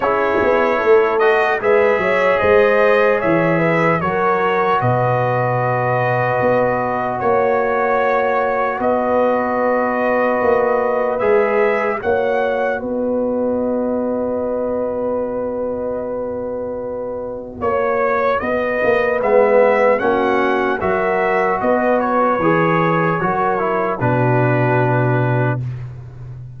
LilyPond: <<
  \new Staff \with { instrumentName = "trumpet" } { \time 4/4 \tempo 4 = 75 cis''4. dis''8 e''4 dis''4 | e''4 cis''4 dis''2~ | dis''4 cis''2 dis''4~ | dis''2 e''4 fis''4 |
dis''1~ | dis''2 cis''4 dis''4 | e''4 fis''4 e''4 dis''8 cis''8~ | cis''2 b'2 | }
  \new Staff \with { instrumentName = "horn" } { \time 4/4 gis'4 a'4 b'8 cis''8 c''4 | cis''8 b'8 ais'4 b'2~ | b'4 cis''2 b'4~ | b'2. cis''4 |
b'1~ | b'2 cis''4 b'4~ | b'4 fis'4 ais'4 b'4~ | b'4 ais'4 fis'2 | }
  \new Staff \with { instrumentName = "trombone" } { \time 4/4 e'4. fis'8 gis'2~ | gis'4 fis'2.~ | fis'1~ | fis'2 gis'4 fis'4~ |
fis'1~ | fis'1 | b4 cis'4 fis'2 | gis'4 fis'8 e'8 d'2 | }
  \new Staff \with { instrumentName = "tuba" } { \time 4/4 cis'8 b8 a4 gis8 fis8 gis4 | e4 fis4 b,2 | b4 ais2 b4~ | b4 ais4 gis4 ais4 |
b1~ | b2 ais4 b8 ais8 | gis4 ais4 fis4 b4 | e4 fis4 b,2 | }
>>